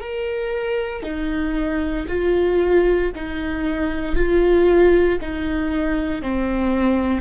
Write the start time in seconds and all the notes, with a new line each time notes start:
0.00 A#4
1.03 D#4
2.08 F4
3.16 D#4
4.16 F4
5.21 D#4
6.22 C4